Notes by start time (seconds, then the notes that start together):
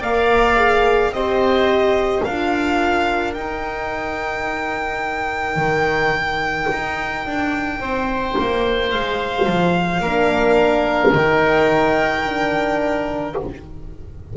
0.00 A#3 A#4 D5 F5
0.56 G#4
1.10 C4 G4 C5 D#5
2.24 D4 F4 A#4 F5
3.33 D#4 G5
5.56 D#3
6.72 D#4
7.26 D4
7.79 C4 C5
8.39 A#3
8.91 G#3 F5
9.46 F3
10.00 A#3 D4 A#4
11.12 D#3 D#4 G5
12.25 D4